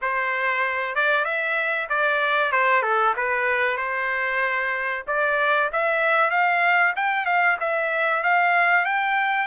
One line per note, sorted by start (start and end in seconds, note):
0.01 0.95 C5
0.95 1.25 D5
1.25 1.88 E5
1.89 2.51 D5
2.51 2.82 C5
2.82 3.13 A4
3.16 3.77 B4
3.77 5.03 C5
5.07 5.70 D5
5.72 6.30 E5
6.30 6.93 F5
6.96 7.25 G5
7.25 7.57 F5
7.60 8.23 E5
8.23 8.85 F5
8.85 9.47 G5